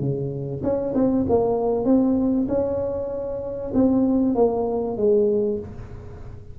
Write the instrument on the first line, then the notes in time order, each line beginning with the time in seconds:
tuba
0.00 C#3
0.63 C#4
0.95 C4
1.29 A#3
1.85 C4
2.48 C#4
3.74 C4
4.35 A#3
4.97 G#3